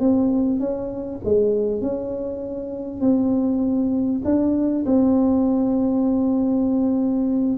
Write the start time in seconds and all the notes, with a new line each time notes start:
0.00 C4
0.60 C#4
1.25 G#3
1.82 C#4
3.01 C4
4.25 D4
4.86 C4